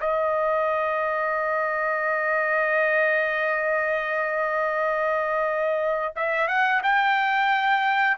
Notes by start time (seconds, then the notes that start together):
0.00 D#5
6.16 E5
6.48 F#5
6.83 G5